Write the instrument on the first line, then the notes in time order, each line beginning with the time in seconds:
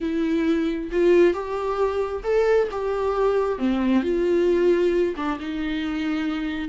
viola
0.01 E4
0.91 F4
1.33 G4
2.23 A4
2.71 G4
3.58 C4
4.03 F4
5.16 D4
5.39 D#4